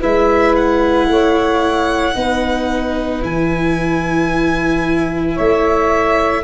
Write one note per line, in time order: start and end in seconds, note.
0.00 1.08 G#3
0.00 2.15 E4
0.00 1.07 B4
0.00 0.56 E5
0.56 3.23 F#5
1.08 2.15 A3
1.08 2.14 C#5
2.14 3.23 B3
2.14 3.22 D#4
2.14 5.34 B4
3.22 5.37 E3
3.22 6.43 E4
3.22 5.38 G#5
5.34 6.44 A3
5.34 6.42 C#5
5.34 6.44 E5